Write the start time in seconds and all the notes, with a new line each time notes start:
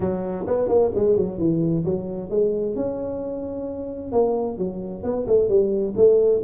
0.00 F#3
0.46 B3
0.68 A#3
0.94 G#3
1.16 F#3
1.38 E3
1.84 F#3
2.30 G#3
2.75 C#4
4.12 A#3
4.58 F#3
5.03 B3
5.27 A3
5.48 G3
5.96 A3